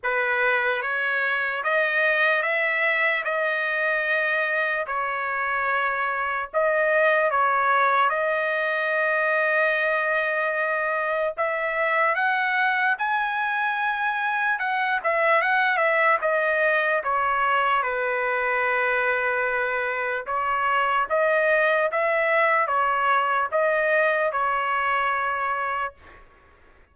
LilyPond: \new Staff \with { instrumentName = "trumpet" } { \time 4/4 \tempo 4 = 74 b'4 cis''4 dis''4 e''4 | dis''2 cis''2 | dis''4 cis''4 dis''2~ | dis''2 e''4 fis''4 |
gis''2 fis''8 e''8 fis''8 e''8 | dis''4 cis''4 b'2~ | b'4 cis''4 dis''4 e''4 | cis''4 dis''4 cis''2 | }